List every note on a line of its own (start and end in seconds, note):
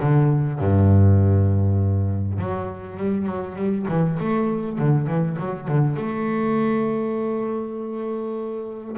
0.00 0.60 D3
0.60 2.39 G2
2.39 2.98 F#3
2.98 3.26 G3
3.26 3.56 F#3
3.57 3.87 G3
3.89 4.19 E3
4.20 4.79 A3
4.79 5.07 D3
5.07 5.37 E3
5.40 5.68 F#3
5.68 5.97 D3
5.97 8.97 A3